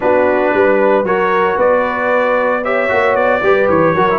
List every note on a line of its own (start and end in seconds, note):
0.00 0.53 B3
0.00 1.05 D4
0.00 0.53 F#4
0.00 1.05 B4
0.53 1.03 G3
0.53 1.06 B4
1.03 1.56 F#3
1.03 2.63 F#4
1.03 1.55 A#4
1.03 1.58 C#5
1.55 2.88 B3
1.55 2.61 B4
1.55 2.64 D5
2.63 2.88 G4
2.63 3.42 C#5
2.63 3.15 E5
2.88 3.14 A#3
2.88 3.41 F#4
3.14 3.40 B3
3.14 3.68 D5
3.42 3.68 G3
3.42 3.96 G4
3.42 3.94 B4
3.69 3.95 E3
3.69 4.18 C#5
3.94 4.18 F#3
3.94 4.09 F#4
3.94 4.18 A#4
4.09 4.18 E4